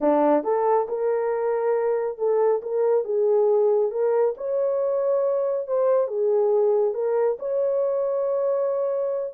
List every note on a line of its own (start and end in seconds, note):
0.01 0.43 D4
0.43 0.87 A4
0.88 2.17 A#4
2.17 2.61 A4
2.62 3.04 A#4
3.04 3.91 G#4
3.91 4.34 A#4
4.37 5.67 C#5
5.67 6.07 C5
6.07 6.94 G#4
6.94 7.37 A#4
7.39 9.34 C#5